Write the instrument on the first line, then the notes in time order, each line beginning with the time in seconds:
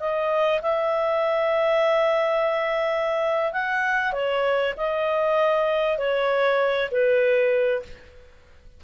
clarinet
0.00 D#5
0.62 E5
3.53 F#5
4.13 C#5
4.77 D#5
5.98 C#5
6.91 B4